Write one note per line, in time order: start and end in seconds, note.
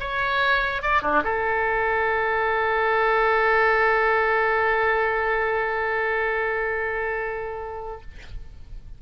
0.00 0.82 C#5
0.82 1.02 D5
1.02 1.23 D4
1.24 8.01 A4